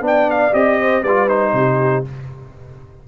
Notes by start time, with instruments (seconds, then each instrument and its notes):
0.00 tuba B3, trombone D4, horn D5
0.06 trumpet G5
0.30 trumpet F5
0.52 tuba C4, trombone G4, trumpet D#5
0.81 horn C5
1.02 tuba G3, trombone F4, horn B4, trumpet D5
1.28 trombone D#4, trumpet C5
1.53 tuba C3, horn G4